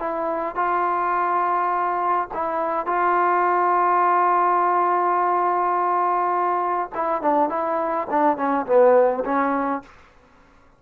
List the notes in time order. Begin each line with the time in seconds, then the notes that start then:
0.00 E4
0.56 F4
2.34 E4
2.87 F4
6.95 E4
7.22 D4
7.50 E4
8.11 D4
8.38 C#4
8.67 B3
9.25 C#4